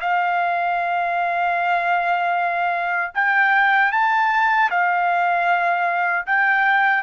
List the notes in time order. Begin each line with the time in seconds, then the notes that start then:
0.00 F5
3.14 G5
3.92 A5
4.70 F5
6.26 G5